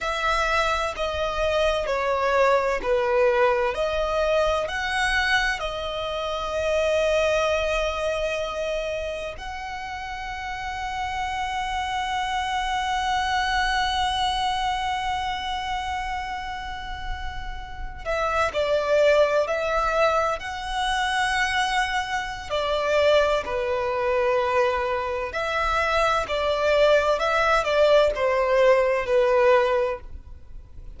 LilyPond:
\new Staff \with { instrumentName = "violin" } { \time 4/4 \tempo 4 = 64 e''4 dis''4 cis''4 b'4 | dis''4 fis''4 dis''2~ | dis''2 fis''2~ | fis''1~ |
fis''2.~ fis''16 e''8 d''16~ | d''8. e''4 fis''2~ fis''16 | d''4 b'2 e''4 | d''4 e''8 d''8 c''4 b'4 | }